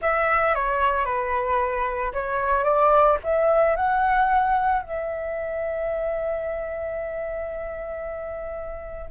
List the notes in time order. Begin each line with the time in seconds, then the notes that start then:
0.01 E5
0.54 C#5
1.05 B4
2.13 C#5
2.63 D5
3.23 E5
3.76 F#5
4.82 E5